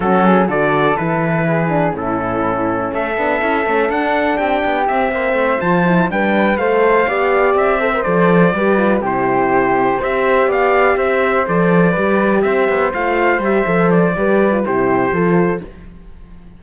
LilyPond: <<
  \new Staff \with { instrumentName = "trumpet" } { \time 4/4 \tempo 4 = 123 a'4 d''4 b'2 | a'2 e''2 | fis''4 g''4 e''4. a''8~ | a''8 g''4 f''2 e''8~ |
e''8 d''2 c''4.~ | c''8 e''4 f''4 e''4 d''8~ | d''4. e''4 f''4 e''8~ | e''8 d''4. c''2 | }
  \new Staff \with { instrumentName = "flute" } { \time 4/4 fis'8 gis'8 a'2 gis'4 | e'2 a'2~ | a'4 g'4. c''4.~ | c''8 b'4 c''4 d''4. |
c''4. b'4 g'4.~ | g'8 c''4 d''4 c''4.~ | c''8 b'4 c''2~ c''8~ | c''4 b'4 g'4 a'4 | }
  \new Staff \with { instrumentName = "horn" } { \time 4/4 cis'4 fis'4 e'4. d'8 | cis'2~ cis'8 d'8 e'8 cis'8 | d'2 c'4. f'8 | e'8 d'4 a'4 g'4. |
a'16 ais'16 a'4 g'8 f'8 e'4.~ | e'8 g'2. a'8~ | a'8 g'2 f'4 g'8 | a'4 g'8. f'16 e'4 f'4 | }
  \new Staff \with { instrumentName = "cello" } { \time 4/4 fis4 d4 e2 | a,2 a8 b8 cis'8 a8 | d'4 c'8 b8 c'8 ais8 a8 f8~ | f8 g4 a4 b4 c'8~ |
c'8 f4 g4 c4.~ | c8 c'4 b4 c'4 f8~ | f8 g4 c'8 b8 a4 g8 | f4 g4 c4 f4 | }
>>